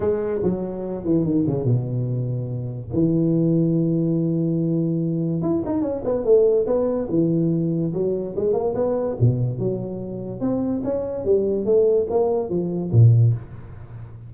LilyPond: \new Staff \with { instrumentName = "tuba" } { \time 4/4 \tempo 4 = 144 gis4 fis4. e8 dis8 cis8 | b,2. e4~ | e1~ | e4 e'8 dis'8 cis'8 b8 a4 |
b4 e2 fis4 | gis8 ais8 b4 b,4 fis4~ | fis4 c'4 cis'4 g4 | a4 ais4 f4 ais,4 | }